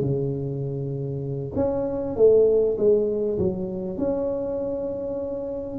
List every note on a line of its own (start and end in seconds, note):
0.00 1.52 C#3
1.55 2.16 C#4
2.16 2.77 A3
2.77 3.38 G#3
3.38 3.98 F#3
3.98 5.79 C#4